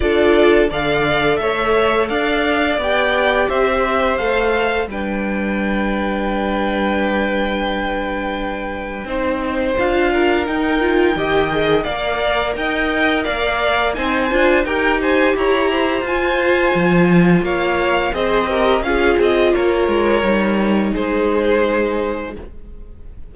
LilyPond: <<
  \new Staff \with { instrumentName = "violin" } { \time 4/4 \tempo 4 = 86 d''4 f''4 e''4 f''4 | g''4 e''4 f''4 g''4~ | g''1~ | g''2 f''4 g''4~ |
g''4 f''4 g''4 f''4 | gis''4 g''8 gis''8 ais''4 gis''4~ | gis''4 f''4 dis''4 f''8 dis''8 | cis''2 c''2 | }
  \new Staff \with { instrumentName = "violin" } { \time 4/4 a'4 d''4 cis''4 d''4~ | d''4 c''2 b'4~ | b'1~ | b'4 c''4. ais'4. |
dis''4 d''4 dis''4 d''4 | c''4 ais'8 c''8 cis''8 c''4.~ | c''4 cis''4 c''8 ais'8 gis'4 | ais'2 gis'2 | }
  \new Staff \with { instrumentName = "viola" } { \time 4/4 f'4 a'2. | g'2 a'4 d'4~ | d'1~ | d'4 dis'4 f'4 dis'8 f'8 |
g'8 gis'8 ais'2. | dis'8 f'8 g'2 f'4~ | f'2 gis'8 g'8 f'4~ | f'4 dis'2. | }
  \new Staff \with { instrumentName = "cello" } { \time 4/4 d'4 d4 a4 d'4 | b4 c'4 a4 g4~ | g1~ | g4 c'4 d'4 dis'4 |
dis4 ais4 dis'4 ais4 | c'8 d'8 dis'4 e'4 f'4 | f4 ais4 c'4 cis'8 c'8 | ais8 gis8 g4 gis2 | }
>>